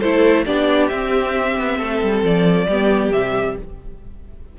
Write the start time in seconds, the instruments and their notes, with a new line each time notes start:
0.00 cello A3, viola E4, violin A4 C5
0.46 cello B3, viola D4, violin G4 D5
0.88 viola C4, cello C4, violin E5
1.58 cello B3
1.78 cello A3, violin A4
2.03 cello G3
2.23 cello F3, violin D5
2.67 cello G3, viola B3, violin G4
3.11 cello C3, viola G3, violin E5